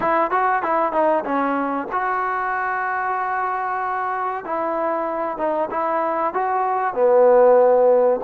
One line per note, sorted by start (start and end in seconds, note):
0.00 0.30 E4
0.30 0.62 F#4
0.62 0.92 E4
0.92 1.23 D#4
1.24 1.87 C#4
1.91 4.44 F#4
4.44 5.37 E4
5.37 5.69 D#4
5.70 6.33 E4
6.33 6.94 F#4
6.94 8.20 B3